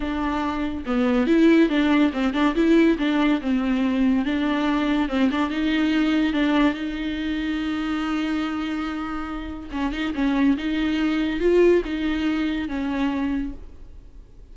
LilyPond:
\new Staff \with { instrumentName = "viola" } { \time 4/4 \tempo 4 = 142 d'2 b4 e'4 | d'4 c'8 d'8 e'4 d'4 | c'2 d'2 | c'8 d'8 dis'2 d'4 |
dis'1~ | dis'2. cis'8 dis'8 | cis'4 dis'2 f'4 | dis'2 cis'2 | }